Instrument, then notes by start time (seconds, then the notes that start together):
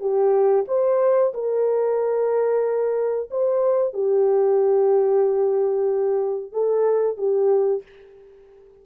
horn
0.00 G4
0.68 C5
1.34 A#4
3.31 C5
3.94 G4
6.52 A4
7.18 G4